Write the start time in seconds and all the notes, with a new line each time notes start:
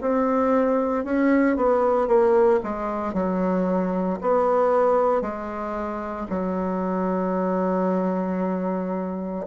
0.00 C4
1.04 C#4
1.56 B3
2.07 A#3
2.63 G#3
3.13 F#3
4.21 B3
5.21 G#3
6.29 F#3